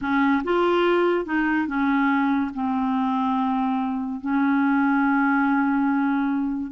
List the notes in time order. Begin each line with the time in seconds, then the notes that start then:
0.01 C#4
0.44 F4
1.25 D#4
1.67 C#4
2.54 C4
4.21 C#4